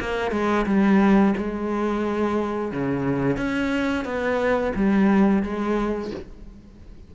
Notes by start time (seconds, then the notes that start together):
0.00 A#3
0.32 G#3
0.66 G3
1.37 G#3
2.72 C#3
3.37 C#4
4.05 B3
4.76 G3
5.43 G#3